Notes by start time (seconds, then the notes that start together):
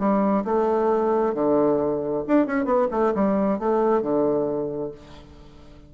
0.00 G3
0.45 A3
1.35 D3
2.28 D4
2.47 C#4
2.66 B3
2.92 A3
3.15 G3
3.59 A3
4.02 D3